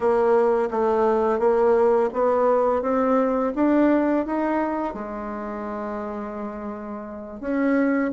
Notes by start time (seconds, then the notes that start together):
0.00 A#3
0.70 A3
1.39 A#3
2.13 B3
2.82 C4
3.55 D4
4.25 D#4
4.94 G#3
7.40 C#4